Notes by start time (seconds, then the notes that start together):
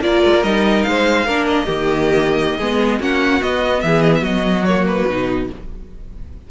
0.00 A#3 F4 A#4 D5
0.25 G#3
0.34 A#3
0.43 G3 D#4 D#5
0.83 G#3 C5 F5
1.25 A#3 D4 A#4
1.47 D#5
1.65 D#3 A#3 G4
2.57 G#3 B3 G#4
2.99 A#3 C#4 F#4 F#5
3.41 B3 D#5
3.81 E3 G#4 E5
4.01 D#5
4.14 E5
4.21 F#3 F#4 D#5
4.64 A#3 C#5
4.87 B4
5.08 B2 D#4